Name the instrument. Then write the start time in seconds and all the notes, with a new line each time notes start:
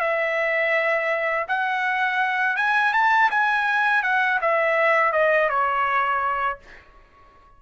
trumpet
0.00 E5
1.48 F#5
2.56 G#5
2.93 A5
3.31 G#5
4.03 F#5
4.41 E5
5.13 D#5
5.49 C#5